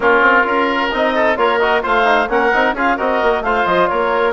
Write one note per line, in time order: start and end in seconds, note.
0.00 0.20 A#3
0.00 0.42 C#4
0.00 0.46 F4
0.00 0.89 A#4
0.20 0.43 C4
0.42 0.90 C#4
0.42 0.88 F4
0.42 1.14 A#4
0.91 1.37 C4
0.91 1.36 D#4
0.91 1.37 D#5
1.14 1.37 A4
1.36 1.83 A#3
1.36 1.59 F4
1.36 1.83 A#4
1.36 1.58 C#5
1.58 1.82 F#4
1.58 1.81 D#5
1.82 2.29 A3
1.82 2.04 F4
1.82 2.28 C5
1.82 2.29 F5
2.04 2.27 D#4
2.29 2.51 A#3
2.29 2.51 C#4
2.29 2.75 A#4
2.29 2.75 F#5
2.53 2.72 C4
2.53 2.76 D#4
2.72 2.95 C#4
2.72 2.98 F4
2.72 2.96 G#4
2.72 2.98 F5
2.96 3.22 C4
2.96 3.44 F#4
2.96 3.42 A#4
2.96 3.43 D#5
3.23 3.40 A#3
3.40 3.63 A3
3.40 4.32 F4
3.40 3.89 C5
3.40 3.65 F5
3.65 3.88 F3
3.65 3.87 D#5
3.87 4.32 A#3
3.87 4.32 A#4
3.87 4.32 C#5